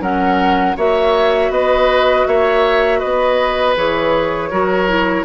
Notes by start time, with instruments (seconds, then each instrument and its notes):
0.00 bassoon F#3, clarinet C#4, oboe A#4, flute F#5
0.76 bassoon A#3, clarinet F#4, oboe C#5, flute E5
1.50 bassoon B3, oboe B4, flute D#5
2.26 bassoon A#3, oboe C#5, flute E5
2.99 bassoon B3, oboe B4, flute D#5
3.76 bassoon E3, clarinet G#4, flute C#5
4.51 bassoon F#3, clarinet F#4, oboe A#4
4.88 clarinet E4